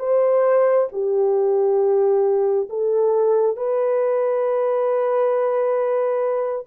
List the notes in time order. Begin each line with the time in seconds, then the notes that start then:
0.00 C5
0.93 G4
2.70 A4
3.57 B4